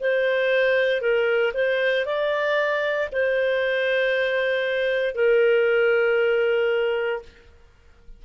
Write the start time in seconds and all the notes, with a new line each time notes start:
0.00 C5
1.01 A#4
1.54 C5
2.05 D5
3.12 C5
5.15 A#4